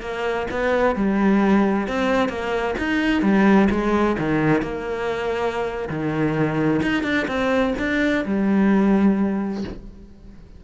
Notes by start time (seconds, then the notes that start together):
0.00 A#3
0.50 B3
0.95 G3
1.87 C4
2.28 A#3
2.78 D#4
3.22 G3
3.70 G#3
4.19 D#3
4.62 A#3
5.89 D#3
6.82 D#4
7.03 D4
7.27 C4
7.79 D4
8.25 G3